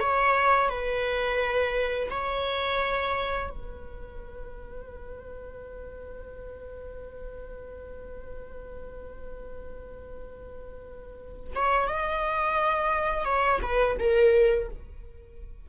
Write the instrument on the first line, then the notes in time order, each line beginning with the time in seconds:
viola
0.00 C#5
0.69 B4
2.10 C#5
3.50 B4
11.55 C#5
11.88 D#5
13.25 C#5
13.62 B4
13.99 A#4